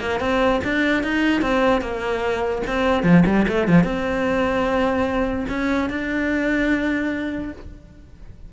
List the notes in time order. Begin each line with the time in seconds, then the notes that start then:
0.00 A#3
0.20 C4
0.64 D4
1.03 D#4
1.42 C4
1.81 A#3
2.67 C4
3.03 F3
3.26 G3
3.48 A3
3.68 F3
3.84 C4
5.49 C#4
5.90 D4